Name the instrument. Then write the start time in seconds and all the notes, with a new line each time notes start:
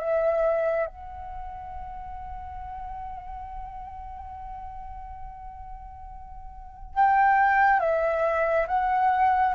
flute
0.00 E5
0.86 F#5
6.94 G5
7.79 E5
8.67 F#5